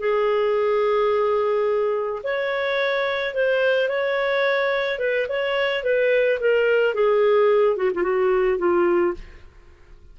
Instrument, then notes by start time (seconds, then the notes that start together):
clarinet
0.00 G#4
2.24 C#5
3.34 C5
3.89 C#5
4.99 B4
5.29 C#5
5.84 B4
6.41 A#4
6.94 G#4
7.77 F#4
7.94 F4
8.03 F#4
8.59 F4